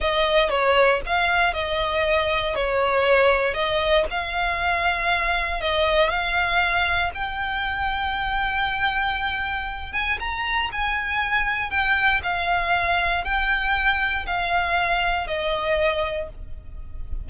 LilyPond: \new Staff \with { instrumentName = "violin" } { \time 4/4 \tempo 4 = 118 dis''4 cis''4 f''4 dis''4~ | dis''4 cis''2 dis''4 | f''2. dis''4 | f''2 g''2~ |
g''2.~ g''8 gis''8 | ais''4 gis''2 g''4 | f''2 g''2 | f''2 dis''2 | }